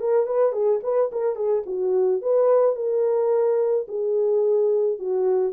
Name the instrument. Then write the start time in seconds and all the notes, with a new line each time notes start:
horn
0.00 A#4
0.26 B4
0.52 G#4
0.83 B4
1.12 A#4
1.35 G#4
1.66 F#4
2.22 B4
2.75 A#4
3.88 G#4
4.98 F#4